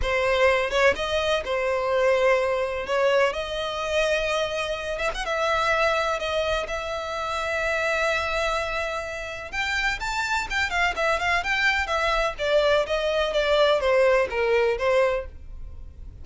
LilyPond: \new Staff \with { instrumentName = "violin" } { \time 4/4 \tempo 4 = 126 c''4. cis''8 dis''4 c''4~ | c''2 cis''4 dis''4~ | dis''2~ dis''8 e''16 fis''16 e''4~ | e''4 dis''4 e''2~ |
e''1 | g''4 a''4 g''8 f''8 e''8 f''8 | g''4 e''4 d''4 dis''4 | d''4 c''4 ais'4 c''4 | }